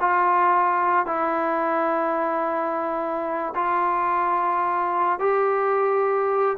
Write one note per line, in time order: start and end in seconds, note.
0.00 1.06 F4
1.06 3.54 E4
3.55 5.19 F4
5.19 6.57 G4